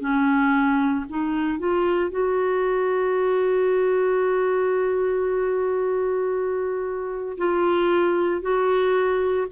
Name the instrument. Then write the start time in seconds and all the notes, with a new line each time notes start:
clarinet
0.00 C#4
1.09 D#4
1.59 F4
2.11 F#4
7.38 F4
8.42 F#4